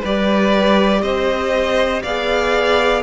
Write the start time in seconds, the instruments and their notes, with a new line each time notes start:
0.00 cello G3, violin B4 D5
0.07 viola G4
1.02 cello C4, violin C5 D#5
2.03 cello B3, viola G#4, violin D5 F5